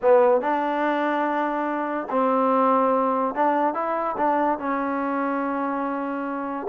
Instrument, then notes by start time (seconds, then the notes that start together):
trombone
0.02 B3
0.41 D4
2.10 C4
3.34 D4
3.74 E4
4.17 D4
4.58 C#4